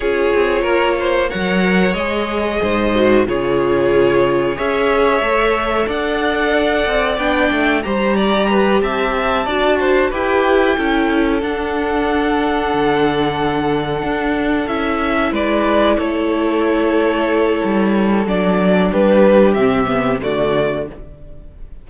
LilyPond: <<
  \new Staff \with { instrumentName = "violin" } { \time 4/4 \tempo 4 = 92 cis''2 fis''4 dis''4~ | dis''4 cis''2 e''4~ | e''4 fis''2 g''4 | ais''4. a''2 g''8~ |
g''4. fis''2~ fis''8~ | fis''2~ fis''8 e''4 d''8~ | d''8 cis''2.~ cis''8 | d''4 b'4 e''4 d''4 | }
  \new Staff \with { instrumentName = "violin" } { \time 4/4 gis'4 ais'8 c''8 cis''2 | c''4 gis'2 cis''4~ | cis''4 d''2. | c''8 d''8 b'8 e''4 d''8 c''8 b'8~ |
b'8 a'2.~ a'8~ | a'2.~ a'8 b'8~ | b'8 a'2.~ a'8~ | a'4 g'2 fis'4 | }
  \new Staff \with { instrumentName = "viola" } { \time 4/4 f'2 ais'4 gis'4~ | gis'8 fis'8 f'2 gis'4 | a'2. d'4 | g'2~ g'8 fis'4 g'8~ |
g'8 e'4 d'2~ d'8~ | d'2~ d'8 e'4.~ | e'1 | d'2 c'8 b8 a4 | }
  \new Staff \with { instrumentName = "cello" } { \time 4/4 cis'8 c'8 ais4 fis4 gis4 | gis,4 cis2 cis'4 | a4 d'4. c'8 b8 a8 | g4. c'4 d'4 e'8~ |
e'8 cis'4 d'2 d8~ | d4. d'4 cis'4 gis8~ | gis8 a2~ a8 g4 | fis4 g4 c4 d4 | }
>>